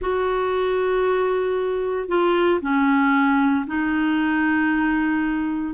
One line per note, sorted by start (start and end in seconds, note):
0.01 2.08 F#4
2.08 2.60 F4
2.61 3.65 C#4
3.66 5.74 D#4